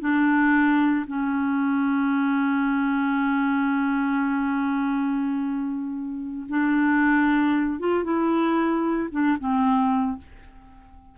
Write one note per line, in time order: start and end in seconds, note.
0.00 1.05 D4
1.07 6.46 C#4
6.49 7.79 D4
7.79 8.04 F4
8.04 9.09 E4
9.11 9.38 D4
9.39 10.18 C4